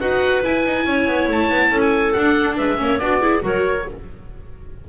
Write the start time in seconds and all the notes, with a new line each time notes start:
0.00 D#4 F#4 B4 F#5
0.43 E4 G#5
0.65 D#4
0.86 C#4 C#5
1.07 B3
1.28 A3 A5
1.49 B3
1.71 C#4 A4
1.81 G#5
2.13 D4 F#5
2.57 G#3 B4 E5
2.77 A#3 C#4 C#5
2.99 B3 D4 F#4 D5
3.21 E4 G#4
3.41 F#3 F#4 A#4 C#5